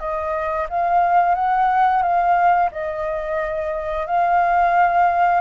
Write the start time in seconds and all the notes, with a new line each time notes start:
0.00 D#5
0.70 F5
1.35 F#5
2.03 F5
2.72 D#5
4.07 F5